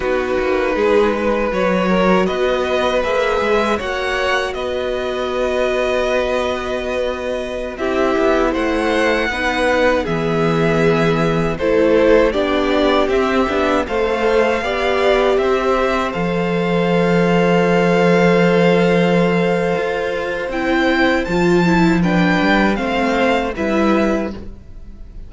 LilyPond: <<
  \new Staff \with { instrumentName = "violin" } { \time 4/4 \tempo 4 = 79 b'2 cis''4 dis''4 | e''4 fis''4 dis''2~ | dis''2~ dis''16 e''4 fis''8.~ | fis''4~ fis''16 e''2 c''8.~ |
c''16 d''4 e''4 f''4.~ f''16~ | f''16 e''4 f''2~ f''8.~ | f''2. g''4 | a''4 g''4 f''4 e''4 | }
  \new Staff \with { instrumentName = "violin" } { \time 4/4 fis'4 gis'8 b'4 ais'8 b'4~ | b'4 cis''4 b'2~ | b'2~ b'16 g'4 c''8.~ | c''16 b'4 gis'2 a'8.~ |
a'16 g'2 c''4 d''8.~ | d''16 c''2.~ c''8.~ | c''1~ | c''4 b'4 c''4 b'4 | }
  \new Staff \with { instrumentName = "viola" } { \time 4/4 dis'2 fis'2 | gis'4 fis'2.~ | fis'2~ fis'16 e'4.~ e'16~ | e'16 dis'4 b2 e'8.~ |
e'16 d'4 c'8 d'8 a'4 g'8.~ | g'4~ g'16 a'2~ a'8.~ | a'2. e'4 | f'8 e'8 d'4 c'4 e'4 | }
  \new Staff \with { instrumentName = "cello" } { \time 4/4 b8 ais8 gis4 fis4 b4 | ais8 gis8 ais4 b2~ | b2~ b16 c'8 b8 a8.~ | a16 b4 e2 a8.~ |
a16 b4 c'8 b8 a4 b8.~ | b16 c'4 f2~ f8.~ | f2 f'4 c'4 | f4. g8 a4 g4 | }
>>